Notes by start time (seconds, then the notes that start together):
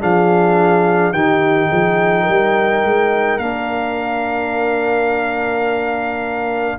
0.00 F3 D4 G#4 F5
1.12 D#3 D#4 G4 G5
1.68 F3 G#4
2.22 G3 A#4
2.83 G#3
3.38 A#3 D4 F5